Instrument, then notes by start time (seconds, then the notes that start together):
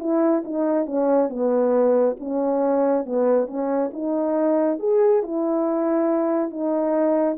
horn
0.00 E4
0.45 D#4
0.87 C#4
1.30 B3
2.20 C#4
3.06 B3
3.48 C#4
3.94 D#4
4.80 G#4
5.23 E4
6.51 D#4